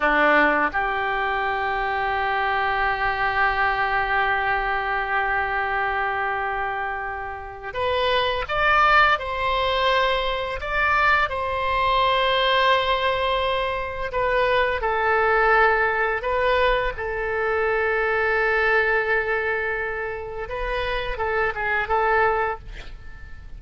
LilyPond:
\new Staff \with { instrumentName = "oboe" } { \time 4/4 \tempo 4 = 85 d'4 g'2.~ | g'1~ | g'2. b'4 | d''4 c''2 d''4 |
c''1 | b'4 a'2 b'4 | a'1~ | a'4 b'4 a'8 gis'8 a'4 | }